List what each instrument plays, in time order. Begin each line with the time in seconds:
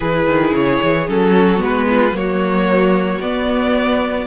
0.00 cello E3, viola E4, violin G#4 B4
0.27 cello D#3
0.51 cello C#3, violin C#5
0.82 cello E3
1.08 cello F#3, viola C#4, violin A4
1.32 violin F#4
1.57 cello G#3, viola B3
1.63 violin B4
1.89 violin F4
2.12 cello F#3, viola A#3, violin F#4 C#5
3.20 cello B3, viola B3, violin D5